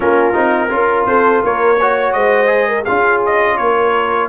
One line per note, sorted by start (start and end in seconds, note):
0.00 0.35 A#3
0.00 0.33 C#4
0.00 0.71 F4
0.00 1.06 A#4
0.33 0.70 C4
0.33 0.69 D#4
0.69 1.06 C#4
0.69 1.76 F4
0.69 1.08 A#4
1.06 1.42 C4
1.06 1.43 A4
1.06 1.42 C5
1.43 2.14 A#3
1.43 1.79 A#4
1.43 2.12 C#5
1.79 2.46 F#4
1.79 2.15 C#5
2.12 2.85 G#3
2.12 2.68 C5
2.12 2.83 D#5
2.46 2.82 G#4
2.68 2.83 A#4
2.83 3.58 C#4
2.83 4.29 F4
2.83 3.55 G#4
2.83 3.20 F5
3.25 3.57 D#5
3.57 4.29 A#3
3.57 4.29 A#4
3.57 4.28 C#5